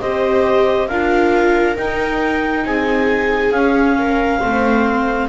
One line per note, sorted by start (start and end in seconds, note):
0.00 0.89 C4
0.00 0.89 G4
0.00 0.89 C5
0.00 0.87 D#5
0.87 1.77 D4
0.87 1.76 F4
0.87 2.65 A#4
0.87 1.76 F5
1.76 3.52 D#4
1.76 2.65 D#4
1.76 2.65 G5
2.65 3.51 C4
2.65 3.97 G#4
2.65 3.52 G#5
3.51 4.39 C#4
3.51 4.40 C#4
3.51 5.28 F5
3.98 4.40 A#4
4.40 5.28 A3
4.40 5.28 C4
4.40 5.28 C5